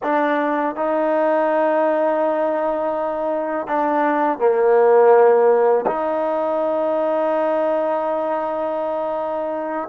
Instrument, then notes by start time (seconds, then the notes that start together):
trombone
0.03 D4
0.75 D#4
3.67 D4
4.39 A#3
5.86 D#4